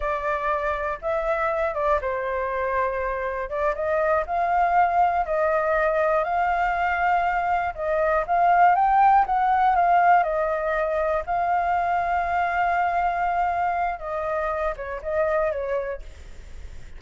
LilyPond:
\new Staff \with { instrumentName = "flute" } { \time 4/4 \tempo 4 = 120 d''2 e''4. d''8 | c''2. d''8 dis''8~ | dis''8 f''2 dis''4.~ | dis''8 f''2. dis''8~ |
dis''8 f''4 g''4 fis''4 f''8~ | f''8 dis''2 f''4.~ | f''1 | dis''4. cis''8 dis''4 cis''4 | }